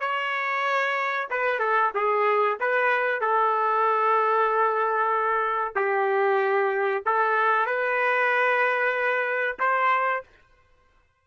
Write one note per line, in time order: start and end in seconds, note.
0.00 1.28 C#5
1.31 1.59 B4
1.59 1.91 A4
1.94 2.58 G#4
2.60 3.21 B4
3.21 5.75 A4
5.75 7.03 G4
7.06 7.66 A4
7.66 9.57 B4
9.59 10.23 C5